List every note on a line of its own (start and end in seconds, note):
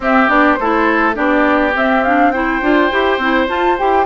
0.00 0.29 C4
0.00 0.28 C4
0.00 0.59 G4
0.00 0.29 E5
0.28 0.58 B3
0.28 0.57 D4
0.28 0.54 D5
0.54 1.17 A3
0.54 1.15 A4
0.54 1.12 C5
0.61 1.14 E4
1.14 1.75 B3
1.14 1.72 D4
1.14 2.32 G4
1.14 1.74 D5
1.74 2.03 C4
1.74 2.61 C4
1.74 2.03 E5
2.03 2.33 D4
2.03 2.31 F5
2.31 2.62 E4
2.31 4.05 C5
2.31 3.47 G5
2.61 2.90 D4
2.61 2.91 F4
2.91 3.18 E4
2.91 3.20 G4
3.18 3.47 C4
3.18 3.47 E4
3.47 3.76 F4
3.47 3.78 F4
3.47 3.78 A5
3.77 4.05 E4
3.77 4.05 G4
3.77 4.05 G5